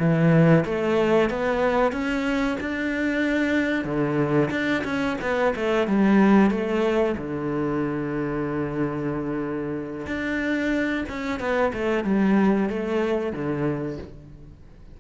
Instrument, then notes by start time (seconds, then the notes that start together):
cello
0.00 E3
0.66 A3
1.30 B3
1.92 C#4
2.61 D4
3.85 D3
4.51 D4
4.85 C#4
5.22 B3
5.56 A3
5.88 G3
6.51 A3
7.18 D3
10.07 D4
11.09 C#4
11.40 B3
11.74 A3
12.04 G3
12.70 A3
13.33 D3